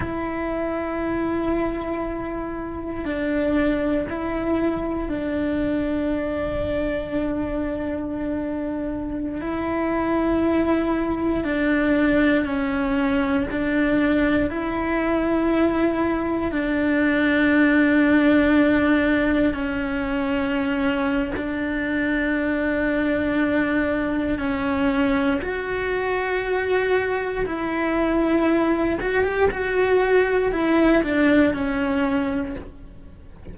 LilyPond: \new Staff \with { instrumentName = "cello" } { \time 4/4 \tempo 4 = 59 e'2. d'4 | e'4 d'2.~ | d'4~ d'16 e'2 d'8.~ | d'16 cis'4 d'4 e'4.~ e'16~ |
e'16 d'2. cis'8.~ | cis'4 d'2. | cis'4 fis'2 e'4~ | e'8 fis'16 g'16 fis'4 e'8 d'8 cis'4 | }